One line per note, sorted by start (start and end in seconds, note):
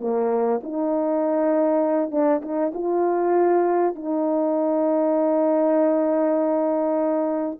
0.00 0.61 A#3
0.63 2.11 D#4
2.11 2.41 D4
2.42 2.72 D#4
2.74 3.95 F4
3.95 7.58 D#4